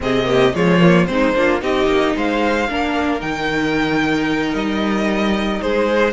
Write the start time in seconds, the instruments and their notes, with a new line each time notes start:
0.00 cello C3, viola C4, violin G#4 D#5
0.24 viola A#3, violin G4
0.54 cello F3, viola G#3, violin F4 C#5
0.80 viola A#3
1.06 cello G#3, viola C4, violin C5
1.12 violin D#4
1.35 cello A#3, viola D4, violin F4
1.60 cello C4, viola D#4, violin G4 D#5
1.86 cello A#3
2.16 cello G#3, violin C5 F5
2.68 cello A#3, viola D4, violin A#4
3.19 cello D#3, viola D#4, violin G5
4.53 cello G3, violin D#5
5.61 cello G#3, violin G#4 C5